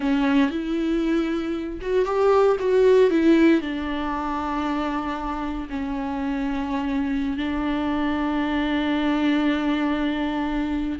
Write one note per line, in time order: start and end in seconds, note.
0.00 0.50 C#4
0.50 1.79 E4
1.81 2.05 F#4
2.05 2.57 G4
2.59 3.10 F#4
3.10 3.61 E4
3.61 5.68 D4
5.69 7.37 C#4
7.37 10.99 D4